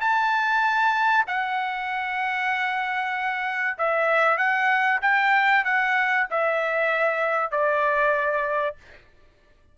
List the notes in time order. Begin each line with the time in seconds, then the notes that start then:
0.00 A5
1.27 F#5
3.78 E5
4.37 F#5
5.01 G5
5.64 F#5
6.30 E5
7.51 D5